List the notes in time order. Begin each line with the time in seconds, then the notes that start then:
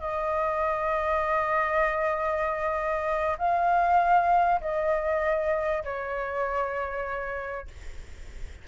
0.00 D#5
3.38 F5
4.61 D#5
5.84 C#5